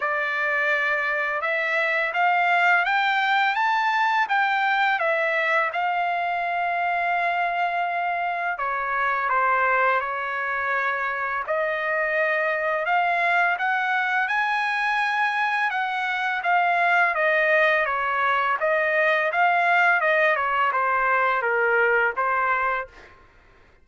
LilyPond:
\new Staff \with { instrumentName = "trumpet" } { \time 4/4 \tempo 4 = 84 d''2 e''4 f''4 | g''4 a''4 g''4 e''4 | f''1 | cis''4 c''4 cis''2 |
dis''2 f''4 fis''4 | gis''2 fis''4 f''4 | dis''4 cis''4 dis''4 f''4 | dis''8 cis''8 c''4 ais'4 c''4 | }